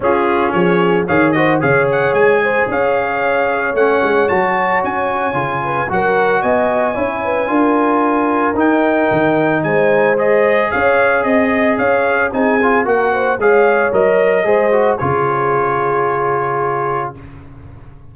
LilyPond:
<<
  \new Staff \with { instrumentName = "trumpet" } { \time 4/4 \tempo 4 = 112 gis'4 cis''4 f''8 dis''8 f''8 fis''8 | gis''4 f''2 fis''4 | a''4 gis''2 fis''4 | gis''1 |
g''2 gis''4 dis''4 | f''4 dis''4 f''4 gis''4 | fis''4 f''4 dis''2 | cis''1 | }
  \new Staff \with { instrumentName = "horn" } { \time 4/4 f'4 gis'4 cis''8 c''8 cis''4~ | cis''8 c''8 cis''2.~ | cis''2~ cis''8 b'8 ais'4 | dis''4 cis''8 b'8 ais'2~ |
ais'2 c''2 | cis''4 dis''4 cis''4 gis'4 | ais'8 c''8 cis''2 c''4 | gis'1 | }
  \new Staff \with { instrumentName = "trombone" } { \time 4/4 cis'2 gis'8 fis'8 gis'4~ | gis'2. cis'4 | fis'2 f'4 fis'4~ | fis'4 e'4 f'2 |
dis'2. gis'4~ | gis'2. dis'8 f'8 | fis'4 gis'4 ais'4 gis'8 fis'8 | f'1 | }
  \new Staff \with { instrumentName = "tuba" } { \time 4/4 cis'4 f4 dis4 cis4 | gis4 cis'2 a8 gis8 | fis4 cis'4 cis4 fis4 | b4 cis'4 d'2 |
dis'4 dis4 gis2 | cis'4 c'4 cis'4 c'4 | ais4 gis4 fis4 gis4 | cis1 | }
>>